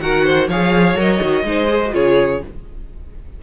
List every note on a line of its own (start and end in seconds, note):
0.00 0.48 D#3
0.00 0.50 F#4
0.00 0.26 A#4
0.00 0.49 F#5
0.26 0.49 C5
0.49 0.95 F3
0.49 0.97 G#4
0.49 1.46 C#5
0.49 0.99 F5
0.95 1.19 F#3
0.95 1.20 A#4
0.95 1.95 D#5
1.20 1.44 D#3
1.20 1.44 F#4
1.44 1.92 G#3
1.44 1.69 D#4
1.44 1.94 C5
1.69 1.82 G#4
1.86 1.92 F#4
1.92 2.43 C#3
1.92 2.41 F4
1.92 2.42 G#4
1.92 2.43 C#5